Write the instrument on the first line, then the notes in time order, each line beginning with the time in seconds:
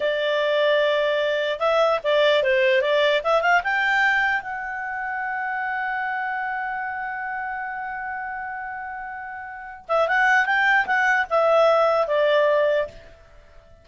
clarinet
0.00 D5
1.59 E5
2.03 D5
2.43 C5
2.81 D5
3.23 E5
3.41 F5
3.63 G5
4.41 F#5
9.88 E5
10.07 F#5
10.45 G5
10.86 F#5
11.30 E5
12.07 D5